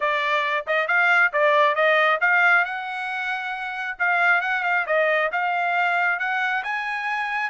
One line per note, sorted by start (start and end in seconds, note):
0.00 0.65 D5
0.66 0.87 D#5
0.87 1.31 F5
1.32 1.75 D5
1.75 2.19 D#5
2.20 2.65 F5
2.65 3.97 F#5
3.98 4.41 F5
4.41 4.63 F#5
4.63 4.85 F5
4.86 5.30 D#5
5.32 6.19 F5
6.19 6.63 F#5
6.63 7.50 G#5